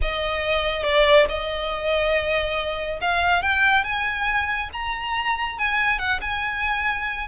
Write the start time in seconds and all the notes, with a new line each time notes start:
0.01 D#5
0.83 D5
1.28 D#5
3.01 F5
3.42 G5
3.84 G#5
4.73 A#5
5.58 G#5
5.98 F#5
6.21 G#5